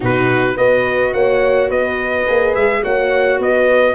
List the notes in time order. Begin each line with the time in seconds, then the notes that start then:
0.00 B2 D#4 F#4 B4
0.56 B3 F#4 B4 D#5
1.13 A#3 C#5 F#5
1.69 B3 B4 D#5
2.26 A#3 G#4
2.54 G#3 E5
2.83 A#3 F#4 C#5 F#5
3.38 B3 B4 D#5